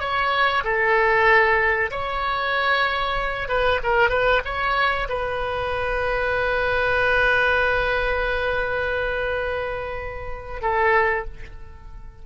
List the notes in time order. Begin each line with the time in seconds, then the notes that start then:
0.00 C#5
0.64 A4
1.91 C#5
3.49 B4
3.83 A#4
4.10 B4
4.45 C#5
5.09 B4
10.62 A4